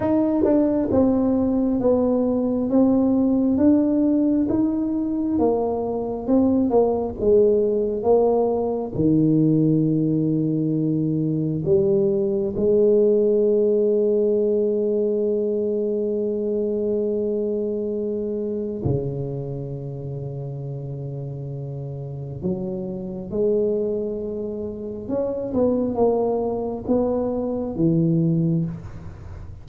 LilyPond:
\new Staff \with { instrumentName = "tuba" } { \time 4/4 \tempo 4 = 67 dis'8 d'8 c'4 b4 c'4 | d'4 dis'4 ais4 c'8 ais8 | gis4 ais4 dis2~ | dis4 g4 gis2~ |
gis1~ | gis4 cis2.~ | cis4 fis4 gis2 | cis'8 b8 ais4 b4 e4 | }